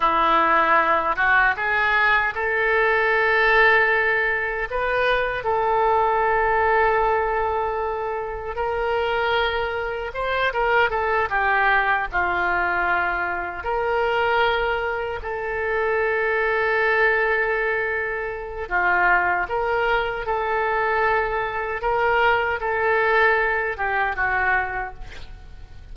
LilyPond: \new Staff \with { instrumentName = "oboe" } { \time 4/4 \tempo 4 = 77 e'4. fis'8 gis'4 a'4~ | a'2 b'4 a'4~ | a'2. ais'4~ | ais'4 c''8 ais'8 a'8 g'4 f'8~ |
f'4. ais'2 a'8~ | a'1 | f'4 ais'4 a'2 | ais'4 a'4. g'8 fis'4 | }